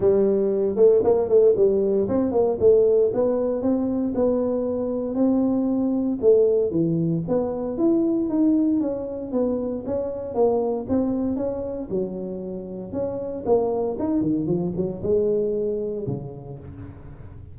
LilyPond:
\new Staff \with { instrumentName = "tuba" } { \time 4/4 \tempo 4 = 116 g4. a8 ais8 a8 g4 | c'8 ais8 a4 b4 c'4 | b2 c'2 | a4 e4 b4 e'4 |
dis'4 cis'4 b4 cis'4 | ais4 c'4 cis'4 fis4~ | fis4 cis'4 ais4 dis'8 dis8 | f8 fis8 gis2 cis4 | }